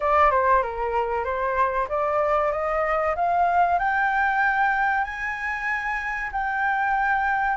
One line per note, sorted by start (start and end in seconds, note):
0.00 0.30 D5
0.30 0.62 C5
0.62 1.24 A#4
1.24 1.87 C5
1.88 2.51 D5
2.51 3.15 D#5
3.15 3.78 F5
3.78 5.04 G5
5.04 6.30 G#5
6.32 7.57 G5